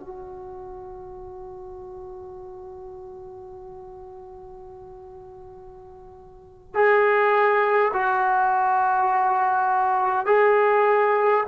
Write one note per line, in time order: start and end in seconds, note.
0.00 6.74 F#4
6.74 7.92 G#4
7.94 10.26 F#4
10.26 11.44 G#4